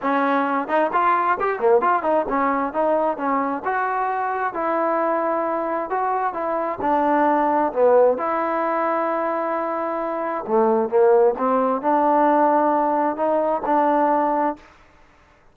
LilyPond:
\new Staff \with { instrumentName = "trombone" } { \time 4/4 \tempo 4 = 132 cis'4. dis'8 f'4 g'8 ais8 | f'8 dis'8 cis'4 dis'4 cis'4 | fis'2 e'2~ | e'4 fis'4 e'4 d'4~ |
d'4 b4 e'2~ | e'2. a4 | ais4 c'4 d'2~ | d'4 dis'4 d'2 | }